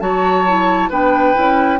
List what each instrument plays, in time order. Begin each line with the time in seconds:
0.00 bassoon F#3, clarinet F#4, oboe C#5, flute A5
0.48 clarinet E4
0.90 bassoon B3, clarinet D4, oboe B4, flute G5
1.35 bassoon C#4, clarinet E4